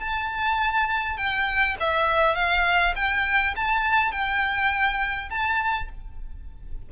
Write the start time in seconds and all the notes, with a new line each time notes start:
0.00 A5
1.17 G5
1.80 E5
2.35 F5
2.95 G5
3.56 A5
4.11 G5
5.30 A5